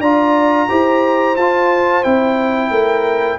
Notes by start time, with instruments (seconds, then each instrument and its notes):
0.00 tuba D4, trombone F4, horn D5, trumpet A#5
0.69 tuba E4, trombone G4, horn C5
1.36 tuba F4, trombone F4, trumpet A5
2.04 tuba C4, trombone E4, trumpet G5
2.70 tuba A3, horn A#4